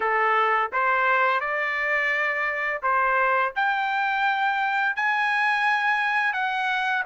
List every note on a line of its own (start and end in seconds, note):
0.00 0.71 A4
0.72 1.40 C5
1.40 2.81 D5
2.82 3.53 C5
3.55 4.96 G5
4.96 6.33 G#5
6.33 7.03 F#5